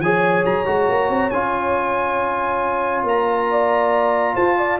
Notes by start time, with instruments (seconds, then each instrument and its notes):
0.00 tuba F3, trombone G#4, horn C#5, trumpet G#5
0.45 tuba F#3, trumpet A#5
0.66 tuba G#3, trombone F#4
0.89 tuba A#3
1.09 tuba C4
1.31 tuba C#4, trombone F4, trumpet G#5
3.04 tuba A#3, trumpet A#5
3.50 horn D5
4.35 tuba F4, horn C5, trumpet A5
4.58 horn D5